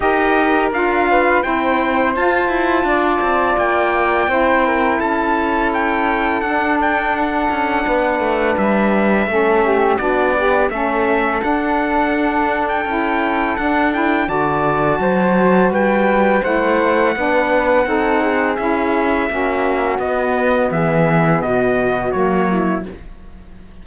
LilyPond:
<<
  \new Staff \with { instrumentName = "trumpet" } { \time 4/4 \tempo 4 = 84 dis''4 f''4 g''4 a''4~ | a''4 g''2 a''4 | g''4 fis''8 g''8 fis''2 | e''2 d''4 e''4 |
fis''4.~ fis''16 g''4~ g''16 fis''8 g''8 | a''2 g''4 fis''4~ | fis''2 e''2 | dis''4 e''4 dis''4 cis''4 | }
  \new Staff \with { instrumentName = "flute" } { \time 4/4 ais'4. b'8 c''2 | d''2 c''8 ais'8 a'4~ | a'2. b'4~ | b'4 a'8 g'8 fis'8 d'8 a'4~ |
a'1 | d''4 c''4 b'4 c''4 | b'4 a'8 gis'4. fis'4~ | fis'4 gis'4 fis'4. e'8 | }
  \new Staff \with { instrumentName = "saxophone" } { \time 4/4 g'4 f'4 e'4 f'4~ | f'2 e'2~ | e'4 d'2.~ | d'4 cis'4 d'8 g'8 cis'4 |
d'2 e'4 d'8 e'8 | fis'2. e'4 | d'4 dis'4 e'4 cis'4 | b2. ais4 | }
  \new Staff \with { instrumentName = "cello" } { \time 4/4 dis'4 d'4 c'4 f'8 e'8 | d'8 c'8 ais4 c'4 cis'4~ | cis'4 d'4. cis'8 b8 a8 | g4 a4 b4 a4 |
d'2 cis'4 d'4 | d4 fis4 g4 a4 | b4 c'4 cis'4 ais4 | b4 e4 b,4 fis4 | }
>>